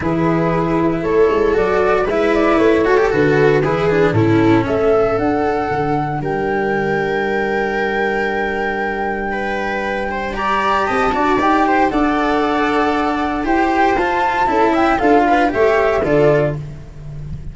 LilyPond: <<
  \new Staff \with { instrumentName = "flute" } { \time 4/4 \tempo 4 = 116 b'2 cis''4 d''4 | e''8 d''8 cis''4 b'2 | a'4 e''4 fis''2 | g''1~ |
g''1 | ais''4 a''4 g''4 fis''4~ | fis''2 g''4 a''4~ | a''8 g''8 f''4 e''4 d''4 | }
  \new Staff \with { instrumentName = "viola" } { \time 4/4 gis'2 a'2 | b'4. a'4. gis'4 | e'4 a'2. | ais'1~ |
ais'2 b'4. c''8 | d''4 dis''8 d''4 c''8 d''4~ | d''2 c''2 | a'8 e''8 a'8 b'8 cis''4 a'4 | }
  \new Staff \with { instrumentName = "cello" } { \time 4/4 e'2. fis'4 | e'4. fis'16 g'16 fis'4 e'8 d'8 | cis'2 d'2~ | d'1~ |
d'1 | g'4. fis'8 g'4 a'4~ | a'2 g'4 f'4 | e'4 f'4 g'4 f'4 | }
  \new Staff \with { instrumentName = "tuba" } { \time 4/4 e2 a8 gis8 fis4 | gis4 a4 d4 e4 | a,4 a4 d'4 d4 | g1~ |
g1~ | g4 c'8 d'8 dis'4 d'4~ | d'2 e'4 f'4 | cis'4 d'4 a4 d4 | }
>>